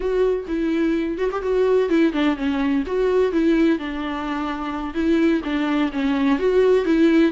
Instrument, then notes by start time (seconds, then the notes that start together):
viola
0.00 F#4
0.47 E4
1.17 F#4
1.31 G4
1.42 F#4
1.89 E4
2.12 D4
2.36 C#4
2.86 F#4
3.32 E4
3.78 D4
4.94 E4
5.44 D4
5.92 C#4
6.38 F#4
6.85 E4